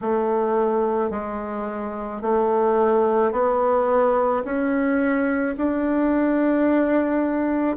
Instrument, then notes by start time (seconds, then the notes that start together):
bassoon
0.01 A3
1.10 G#3
2.21 A3
3.32 B3
4.44 C#4
5.57 D4